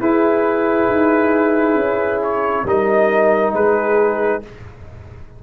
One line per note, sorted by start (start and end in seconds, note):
0.00 0.88 E4
0.00 2.67 E4
0.00 2.65 G#4
0.00 2.22 B4
0.89 1.76 D#4
1.76 2.64 C#4
2.23 2.67 C#5
2.65 3.53 G3
2.65 4.43 D#4
2.65 3.56 A#4
2.65 3.55 D#5
3.54 4.42 G#3
3.54 4.44 G#4
3.54 4.43 B4